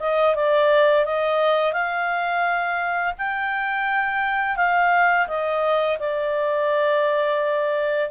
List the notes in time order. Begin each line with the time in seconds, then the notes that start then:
0.00 D#5
0.36 D5
1.05 D#5
1.73 F5
3.18 G5
4.57 F5
5.28 D#5
5.99 D5